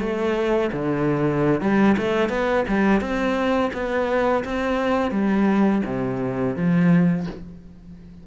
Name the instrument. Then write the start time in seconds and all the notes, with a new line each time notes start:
cello
0.00 A3
0.73 D3
1.61 G3
1.98 A3
2.29 B3
2.68 G3
3.01 C4
3.73 B3
4.45 C4
5.12 G3
5.86 C3
6.56 F3